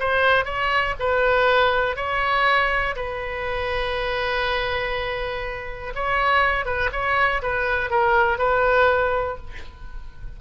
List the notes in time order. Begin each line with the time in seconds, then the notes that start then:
0.00 C5
0.45 C#5
1.00 B4
1.96 C#5
2.96 B4
5.95 C#5
6.65 B4
6.92 C#5
7.42 B4
7.90 A#4
8.38 B4